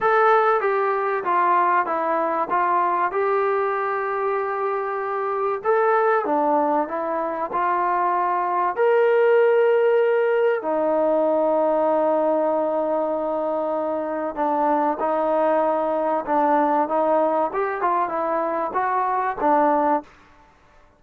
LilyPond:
\new Staff \with { instrumentName = "trombone" } { \time 4/4 \tempo 4 = 96 a'4 g'4 f'4 e'4 | f'4 g'2.~ | g'4 a'4 d'4 e'4 | f'2 ais'2~ |
ais'4 dis'2.~ | dis'2. d'4 | dis'2 d'4 dis'4 | g'8 f'8 e'4 fis'4 d'4 | }